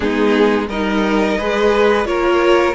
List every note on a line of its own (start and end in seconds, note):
0.00 0.68 G#3
0.00 0.68 B3
0.00 0.68 D#4
0.00 0.68 G#4
0.68 1.37 G3
0.68 1.38 D#4
0.68 1.38 A#4
0.68 2.06 D#5
1.38 2.05 G#3
1.38 2.05 G#4
1.38 2.07 B4
2.05 2.74 A#3
2.05 2.74 F4
2.05 2.75 A#4
2.05 2.75 C#5